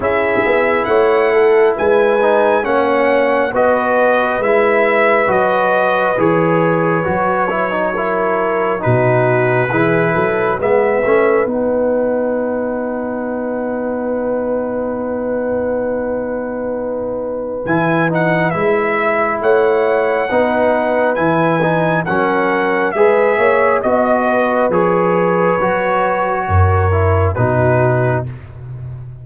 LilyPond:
<<
  \new Staff \with { instrumentName = "trumpet" } { \time 4/4 \tempo 4 = 68 e''4 fis''4 gis''4 fis''4 | dis''4 e''4 dis''4 cis''4~ | cis''2 b'2 | e''4 fis''2.~ |
fis''1 | gis''8 fis''8 e''4 fis''2 | gis''4 fis''4 e''4 dis''4 | cis''2. b'4 | }
  \new Staff \with { instrumentName = "horn" } { \time 4/4 gis'4 cis''8 a'8 b'4 cis''4 | b'1~ | b'4 ais'4 fis'4 gis'8 a'8 | b'1~ |
b'1~ | b'2 cis''4 b'4~ | b'4 ais'4 b'8 cis''8 dis''8 b'8~ | b'2 ais'4 fis'4 | }
  \new Staff \with { instrumentName = "trombone" } { \time 4/4 e'2~ e'8 dis'8 cis'4 | fis'4 e'4 fis'4 gis'4 | fis'8 e'16 dis'16 e'4 dis'4 e'4 | b8 cis'8 dis'2.~ |
dis'1 | e'8 dis'8 e'2 dis'4 | e'8 dis'8 cis'4 gis'4 fis'4 | gis'4 fis'4. e'8 dis'4 | }
  \new Staff \with { instrumentName = "tuba" } { \time 4/4 cis'8 b8 a4 gis4 ais4 | b4 gis4 fis4 e4 | fis2 b,4 e8 fis8 | gis8 a8 b2.~ |
b1 | e4 gis4 a4 b4 | e4 fis4 gis8 ais8 b4 | f4 fis4 fis,4 b,4 | }
>>